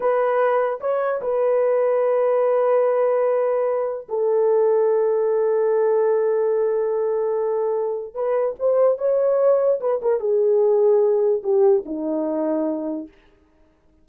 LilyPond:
\new Staff \with { instrumentName = "horn" } { \time 4/4 \tempo 4 = 147 b'2 cis''4 b'4~ | b'1~ | b'2 a'2~ | a'1~ |
a'1 | b'4 c''4 cis''2 | b'8 ais'8 gis'2. | g'4 dis'2. | }